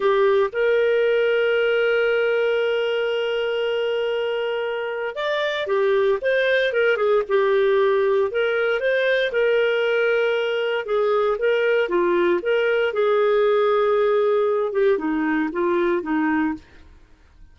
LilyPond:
\new Staff \with { instrumentName = "clarinet" } { \time 4/4 \tempo 4 = 116 g'4 ais'2.~ | ais'1~ | ais'2 d''4 g'4 | c''4 ais'8 gis'8 g'2 |
ais'4 c''4 ais'2~ | ais'4 gis'4 ais'4 f'4 | ais'4 gis'2.~ | gis'8 g'8 dis'4 f'4 dis'4 | }